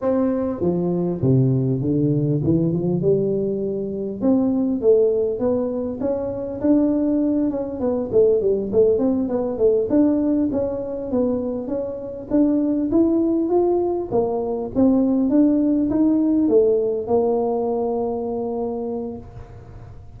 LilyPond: \new Staff \with { instrumentName = "tuba" } { \time 4/4 \tempo 4 = 100 c'4 f4 c4 d4 | e8 f8 g2 c'4 | a4 b4 cis'4 d'4~ | d'8 cis'8 b8 a8 g8 a8 c'8 b8 |
a8 d'4 cis'4 b4 cis'8~ | cis'8 d'4 e'4 f'4 ais8~ | ais8 c'4 d'4 dis'4 a8~ | a8 ais2.~ ais8 | }